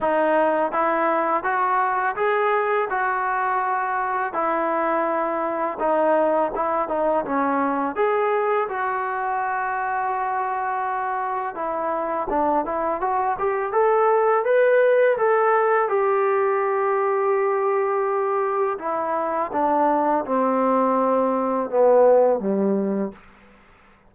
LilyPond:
\new Staff \with { instrumentName = "trombone" } { \time 4/4 \tempo 4 = 83 dis'4 e'4 fis'4 gis'4 | fis'2 e'2 | dis'4 e'8 dis'8 cis'4 gis'4 | fis'1 |
e'4 d'8 e'8 fis'8 g'8 a'4 | b'4 a'4 g'2~ | g'2 e'4 d'4 | c'2 b4 g4 | }